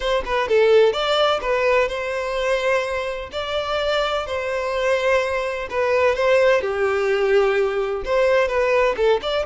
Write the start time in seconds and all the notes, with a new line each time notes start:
0.00 C5
0.25 B4
0.48 A4
0.92 D5
1.41 B4
1.88 C5
3.32 D5
4.26 C5
5.70 B4
6.15 C5
6.61 G4
8.04 C5
8.48 B4
8.96 A4
9.22 D5